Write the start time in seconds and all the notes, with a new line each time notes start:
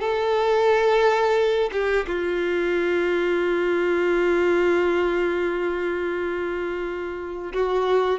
0.00 A4
1.72 G4
2.07 F4
7.53 F#4